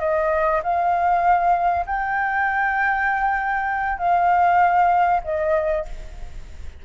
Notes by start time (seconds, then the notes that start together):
0.00 D#5
0.63 F5
1.86 G5
3.99 F5
5.24 D#5